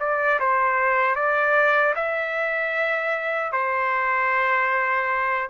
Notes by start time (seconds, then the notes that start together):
0.00 D5
0.40 C5
1.16 D5
1.95 E5
3.52 C5